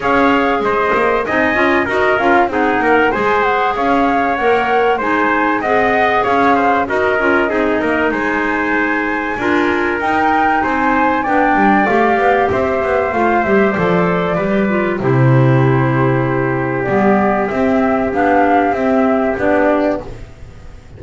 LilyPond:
<<
  \new Staff \with { instrumentName = "flute" } { \time 4/4 \tempo 4 = 96 f''4 dis''4 gis''4 dis''8 f''8 | fis''4 gis''8 fis''8 f''4 fis''4 | gis''4 fis''4 f''4 dis''4~ | dis''4 gis''2. |
g''4 gis''4 g''4 f''4 | e''4 f''8 e''8 d''2 | c''2. d''4 | e''4 f''4 e''4 d''4 | }
  \new Staff \with { instrumentName = "trumpet" } { \time 4/4 cis''4 c''4 dis''4 ais'4 | gis'8 ais'8 c''4 cis''2 | c''4 dis''4 cis''8 c''8 ais'4 | gis'8 ais'8 c''2 ais'4~ |
ais'4 c''4 d''2 | c''2. b'4 | g'1~ | g'1 | }
  \new Staff \with { instrumentName = "clarinet" } { \time 4/4 gis'2 dis'8 f'8 fis'8 f'8 | dis'4 gis'2 ais'4 | dis'4 gis'2 fis'8 f'8 | dis'2. f'4 |
dis'2 d'4 g'4~ | g'4 f'8 g'8 a'4 g'8 f'8 | e'2. b4 | c'4 d'4 c'4 d'4 | }
  \new Staff \with { instrumentName = "double bass" } { \time 4/4 cis'4 gis8 ais8 c'8 cis'8 dis'8 cis'8 | c'8 ais8 gis4 cis'4 ais4 | gis4 c'4 cis'4 dis'8 cis'8 | c'8 ais8 gis2 d'4 |
dis'4 c'4 b8 g8 a8 b8 | c'8 b8 a8 g8 f4 g4 | c2. g4 | c'4 b4 c'4 b4 | }
>>